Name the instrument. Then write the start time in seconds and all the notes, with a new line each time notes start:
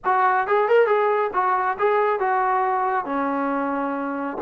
trombone
0.04 F#4
0.47 G#4
0.68 A#4
0.86 G#4
1.33 F#4
1.78 G#4
2.19 F#4
3.05 C#4